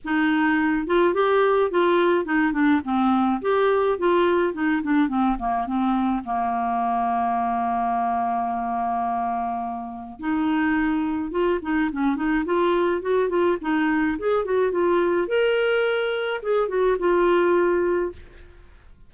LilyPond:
\new Staff \with { instrumentName = "clarinet" } { \time 4/4 \tempo 4 = 106 dis'4. f'8 g'4 f'4 | dis'8 d'8 c'4 g'4 f'4 | dis'8 d'8 c'8 ais8 c'4 ais4~ | ais1~ |
ais2 dis'2 | f'8 dis'8 cis'8 dis'8 f'4 fis'8 f'8 | dis'4 gis'8 fis'8 f'4 ais'4~ | ais'4 gis'8 fis'8 f'2 | }